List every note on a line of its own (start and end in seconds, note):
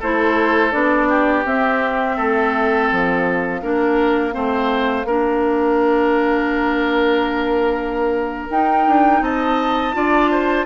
0.00 0.74 A3
0.00 0.72 E4
0.00 1.08 A4
0.00 0.72 C5
0.72 1.46 B3
0.72 1.44 D4
0.72 1.44 D5
1.09 2.16 G4
1.46 2.18 C4
1.46 3.62 C4
1.46 2.89 E5
2.16 2.91 A3
2.16 3.61 A4
2.89 3.63 F3
2.89 8.49 F5
3.62 4.35 A#3
3.62 4.32 D4
3.62 4.34 A#4
4.32 5.05 A3
4.32 5.05 C4
4.32 5.06 C5
5.05 8.48 A#3
5.05 8.50 D4
5.05 9.22 A#4
8.50 8.87 D#4
8.50 9.93 D#4
8.50 9.23 G5
8.87 9.21 D4
9.21 9.94 C4
9.21 9.96 D#5
9.21 10.66 A5
9.93 10.66 D4
9.93 10.66 F4
9.93 10.31 D5
10.31 10.66 C5